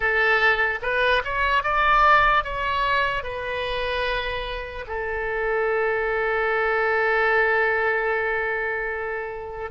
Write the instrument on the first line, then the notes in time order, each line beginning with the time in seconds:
oboe
0.00 A4
0.81 B4
1.24 C#5
1.63 D5
2.44 C#5
3.22 B4
4.87 A4